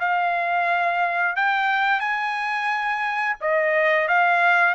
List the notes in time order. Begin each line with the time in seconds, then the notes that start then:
0.00 F5
1.36 G5
2.00 G#5
3.41 D#5
4.08 F5